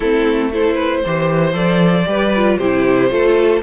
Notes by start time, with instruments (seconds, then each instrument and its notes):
0.00 cello A3, viola C4, violin E4 A4
0.52 viola E4, violin A4 C5
0.74 violin B4
1.04 cello E3, viola G4, violin C5
1.53 cello F3, viola A4, violin D5
2.05 cello G3, viola G4, violin B4
2.36 viola F4
2.58 cello C3, viola E4, violin G4 C5
3.09 cello A3, viola F4, violin A4